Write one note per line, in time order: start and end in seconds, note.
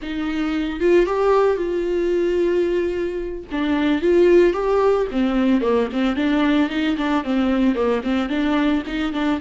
0.01 0.80 D#4
0.80 1.05 F4
1.05 1.56 G4
1.56 3.44 F4
3.51 4.01 D4
4.01 4.53 F4
4.53 5.06 G4
5.11 5.61 C4
5.61 5.88 A#3
5.92 6.16 C4
6.16 6.69 D4
6.69 6.96 D#4
6.97 7.23 D4
7.24 7.75 C4
7.75 8.02 A#3
8.03 8.29 C4
8.29 8.82 D4
8.87 9.12 D#4
9.12 9.39 D4